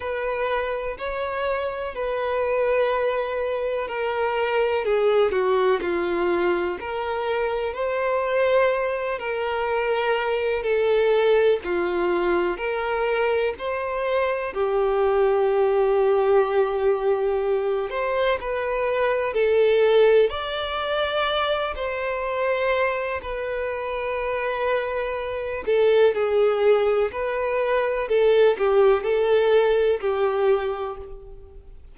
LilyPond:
\new Staff \with { instrumentName = "violin" } { \time 4/4 \tempo 4 = 62 b'4 cis''4 b'2 | ais'4 gis'8 fis'8 f'4 ais'4 | c''4. ais'4. a'4 | f'4 ais'4 c''4 g'4~ |
g'2~ g'8 c''8 b'4 | a'4 d''4. c''4. | b'2~ b'8 a'8 gis'4 | b'4 a'8 g'8 a'4 g'4 | }